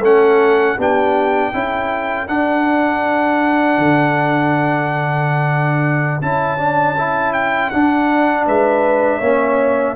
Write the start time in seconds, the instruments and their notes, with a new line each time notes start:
0.00 tuba A3, trombone C#4, horn A4, trumpet F#5
0.78 tuba B3, trombone D4, horn G4, trumpet G5
1.51 tuba C#4, trombone E4, horn A4
2.28 trombone D4, tuba D4, trumpet F#5
3.78 tuba D3
6.22 tuba C#4, trombone E4, trumpet A5
6.59 trombone D4
6.98 trombone E4
7.33 trumpet G5
7.70 tuba D4, trombone D4, trumpet F#5
8.46 tuba G#3, horn B4, trumpet E5
9.18 tuba A#3, trombone C#4, horn C#5